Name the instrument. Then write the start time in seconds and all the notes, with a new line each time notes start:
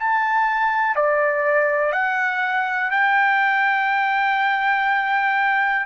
trumpet
0.00 A5
0.96 D5
1.93 F#5
2.92 G5